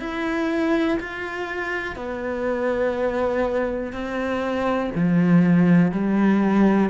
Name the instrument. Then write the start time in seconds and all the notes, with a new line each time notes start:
cello
0.00 E4
1.00 F4
1.96 B3
3.93 C4
4.95 F3
5.92 G3